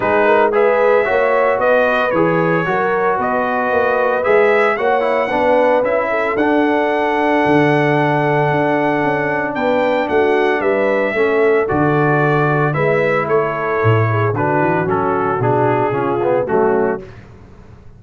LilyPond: <<
  \new Staff \with { instrumentName = "trumpet" } { \time 4/4 \tempo 4 = 113 b'4 e''2 dis''4 | cis''2 dis''2 | e''4 fis''2 e''4 | fis''1~ |
fis''2 g''4 fis''4 | e''2 d''2 | e''4 cis''2 b'4 | a'4 gis'2 fis'4 | }
  \new Staff \with { instrumentName = "horn" } { \time 4/4 gis'8 ais'8 b'4 cis''4 b'4~ | b'4 ais'4 b'2~ | b'4 cis''4 b'4. a'8~ | a'1~ |
a'2 b'4 fis'4 | b'4 a'2. | b'4 a'4. gis'8 fis'4~ | fis'2 f'4 cis'4 | }
  \new Staff \with { instrumentName = "trombone" } { \time 4/4 dis'4 gis'4 fis'2 | gis'4 fis'2. | gis'4 fis'8 e'8 d'4 e'4 | d'1~ |
d'1~ | d'4 cis'4 fis'2 | e'2. d'4 | cis'4 d'4 cis'8 b8 a4 | }
  \new Staff \with { instrumentName = "tuba" } { \time 4/4 gis2 ais4 b4 | e4 fis4 b4 ais4 | gis4 ais4 b4 cis'4 | d'2 d2 |
d'4 cis'4 b4 a4 | g4 a4 d2 | gis4 a4 a,4 d8 e8 | fis4 b,4 cis4 fis4 | }
>>